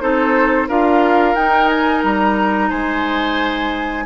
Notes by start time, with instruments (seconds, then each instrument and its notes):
0.00 bassoon C4, clarinet D#4, oboe A4, flute C5
0.68 bassoon D4, clarinet F4, oboe A#4, flute F5
1.35 bassoon D#4, clarinet D#4, flute G5
1.68 flute G#5
2.04 bassoon G3, flute A#5
2.69 bassoon G#3, oboe C5, flute G#5